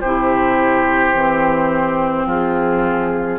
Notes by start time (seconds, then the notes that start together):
0.00 C3 E4 G4 C5
1.14 E3 C4
2.26 F3 F4 G#4